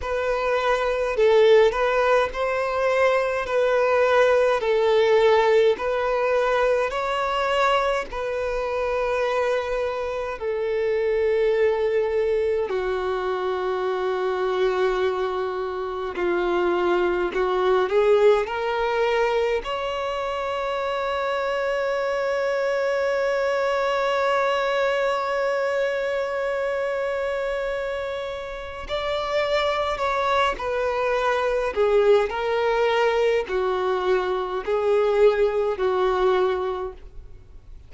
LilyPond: \new Staff \with { instrumentName = "violin" } { \time 4/4 \tempo 4 = 52 b'4 a'8 b'8 c''4 b'4 | a'4 b'4 cis''4 b'4~ | b'4 a'2 fis'4~ | fis'2 f'4 fis'8 gis'8 |
ais'4 cis''2.~ | cis''1~ | cis''4 d''4 cis''8 b'4 gis'8 | ais'4 fis'4 gis'4 fis'4 | }